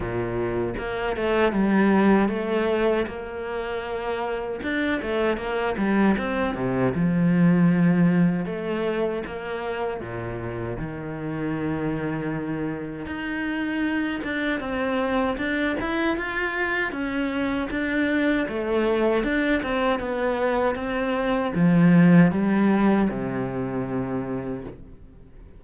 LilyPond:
\new Staff \with { instrumentName = "cello" } { \time 4/4 \tempo 4 = 78 ais,4 ais8 a8 g4 a4 | ais2 d'8 a8 ais8 g8 | c'8 c8 f2 a4 | ais4 ais,4 dis2~ |
dis4 dis'4. d'8 c'4 | d'8 e'8 f'4 cis'4 d'4 | a4 d'8 c'8 b4 c'4 | f4 g4 c2 | }